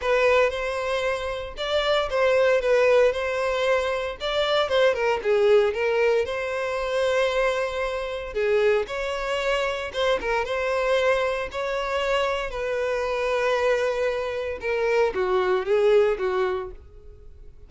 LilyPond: \new Staff \with { instrumentName = "violin" } { \time 4/4 \tempo 4 = 115 b'4 c''2 d''4 | c''4 b'4 c''2 | d''4 c''8 ais'8 gis'4 ais'4 | c''1 |
gis'4 cis''2 c''8 ais'8 | c''2 cis''2 | b'1 | ais'4 fis'4 gis'4 fis'4 | }